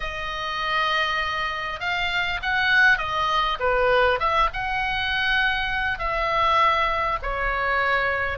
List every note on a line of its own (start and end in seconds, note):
0.00 1.79 D#5
1.79 2.39 F5
2.42 2.98 F#5
2.98 3.58 D#5
3.59 4.19 B4
4.19 4.49 E5
4.53 5.98 F#5
5.98 7.18 E5
7.22 8.38 C#5